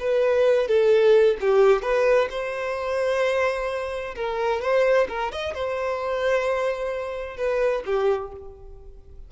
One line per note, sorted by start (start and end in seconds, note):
0.00 0.68 B4
0.68 1.37 A4
1.41 1.82 G4
1.82 2.28 B4
2.30 4.15 C5
4.15 4.61 A#4
4.61 5.07 C5
5.09 5.32 A#4
5.32 5.54 D#5
5.54 7.37 C5
7.37 7.83 B4
7.86 8.32 G4